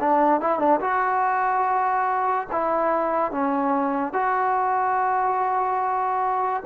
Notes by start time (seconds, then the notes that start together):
0.00 D4
0.41 E4
0.59 D4
0.81 F#4
2.52 E4
3.31 C#4
4.13 F#4